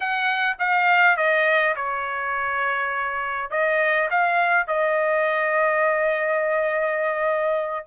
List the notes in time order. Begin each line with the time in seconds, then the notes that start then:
0.00 F#5
0.59 F5
1.17 D#5
1.76 C#5
3.50 D#5
4.10 F5
4.67 D#5